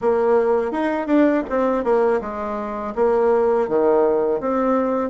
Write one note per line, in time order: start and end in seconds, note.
0.01 0.71 A#3
0.71 1.06 D#4
1.06 1.43 D4
1.49 1.84 C4
1.84 2.20 A#3
2.21 2.94 G#3
2.95 3.68 A#3
3.68 4.40 D#3
4.40 5.10 C4